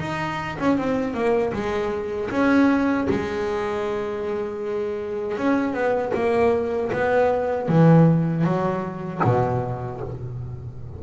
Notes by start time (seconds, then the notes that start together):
0.00 D#4
0.60 C#4
0.78 C4
1.15 A#3
1.53 G#3
2.31 C#4
3.10 G#3
5.38 C#4
5.74 B3
6.15 A#3
6.93 B3
7.69 E3
8.44 F#3
9.24 B2